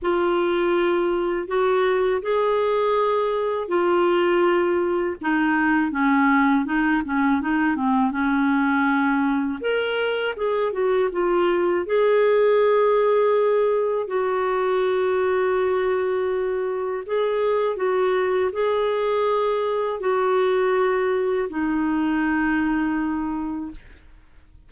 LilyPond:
\new Staff \with { instrumentName = "clarinet" } { \time 4/4 \tempo 4 = 81 f'2 fis'4 gis'4~ | gis'4 f'2 dis'4 | cis'4 dis'8 cis'8 dis'8 c'8 cis'4~ | cis'4 ais'4 gis'8 fis'8 f'4 |
gis'2. fis'4~ | fis'2. gis'4 | fis'4 gis'2 fis'4~ | fis'4 dis'2. | }